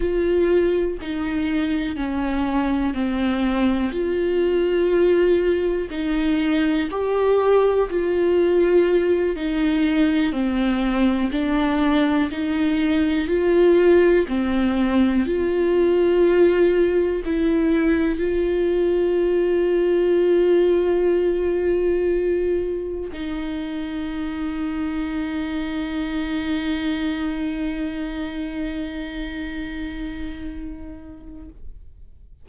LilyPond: \new Staff \with { instrumentName = "viola" } { \time 4/4 \tempo 4 = 61 f'4 dis'4 cis'4 c'4 | f'2 dis'4 g'4 | f'4. dis'4 c'4 d'8~ | d'8 dis'4 f'4 c'4 f'8~ |
f'4. e'4 f'4.~ | f'2.~ f'8 dis'8~ | dis'1~ | dis'1 | }